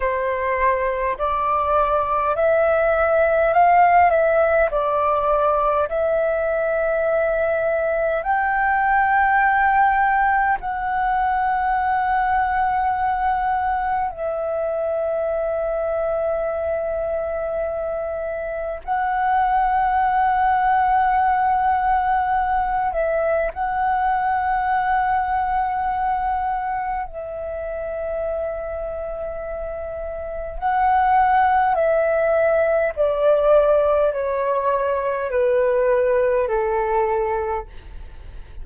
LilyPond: \new Staff \with { instrumentName = "flute" } { \time 4/4 \tempo 4 = 51 c''4 d''4 e''4 f''8 e''8 | d''4 e''2 g''4~ | g''4 fis''2. | e''1 |
fis''2.~ fis''8 e''8 | fis''2. e''4~ | e''2 fis''4 e''4 | d''4 cis''4 b'4 a'4 | }